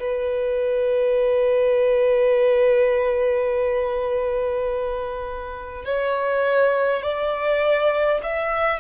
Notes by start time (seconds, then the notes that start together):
0.00 B4
5.86 C#5
7.03 D5
8.24 E5